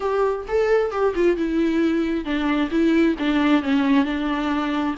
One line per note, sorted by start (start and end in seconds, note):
0.00 0.45 G4
0.47 0.91 A4
0.91 1.14 G4
1.15 1.37 F4
1.37 2.24 E4
2.24 2.69 D4
2.70 3.15 E4
3.18 3.62 D4
3.62 4.05 C#4
4.05 4.95 D4